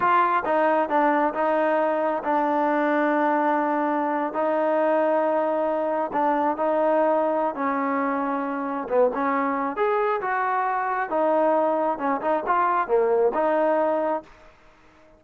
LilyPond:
\new Staff \with { instrumentName = "trombone" } { \time 4/4 \tempo 4 = 135 f'4 dis'4 d'4 dis'4~ | dis'4 d'2.~ | d'4.~ d'16 dis'2~ dis'16~ | dis'4.~ dis'16 d'4 dis'4~ dis'16~ |
dis'4 cis'2. | b8 cis'4. gis'4 fis'4~ | fis'4 dis'2 cis'8 dis'8 | f'4 ais4 dis'2 | }